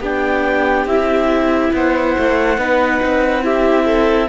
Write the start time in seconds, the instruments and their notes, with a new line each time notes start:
0.00 cello B3, viola D4, violin G4, clarinet G5
0.85 cello C4, viola E4, clarinet E5
1.73 cello B3, violin C5, clarinet F#5
2.19 cello A3
2.58 cello B3, viola D#4, violin B4
3.02 cello C4
3.42 viola E4, violin G4, clarinet E5
3.86 violin A4